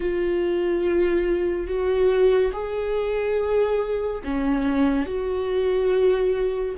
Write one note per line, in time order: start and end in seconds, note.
0.00 1.67 F4
1.67 2.51 F#4
2.52 4.21 G#4
4.24 5.06 C#4
5.06 6.75 F#4